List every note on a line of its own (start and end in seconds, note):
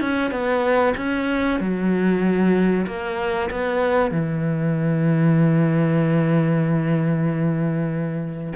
0.00 0.31 C#4
0.31 0.94 B3
0.96 1.59 C#4
1.59 2.86 F#3
2.86 3.49 A#3
3.50 4.11 B3
4.11 8.53 E3